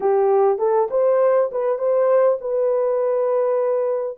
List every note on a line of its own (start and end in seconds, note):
0.00 0.58 G4
0.58 0.88 A4
0.90 1.50 C5
1.51 1.78 B4
1.78 2.38 C5
2.41 4.17 B4